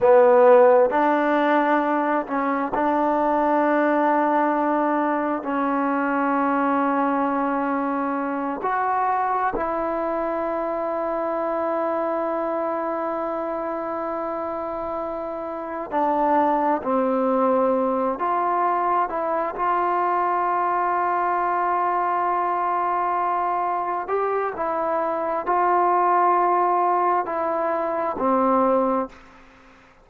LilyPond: \new Staff \with { instrumentName = "trombone" } { \time 4/4 \tempo 4 = 66 b4 d'4. cis'8 d'4~ | d'2 cis'2~ | cis'4. fis'4 e'4.~ | e'1~ |
e'4. d'4 c'4. | f'4 e'8 f'2~ f'8~ | f'2~ f'8 g'8 e'4 | f'2 e'4 c'4 | }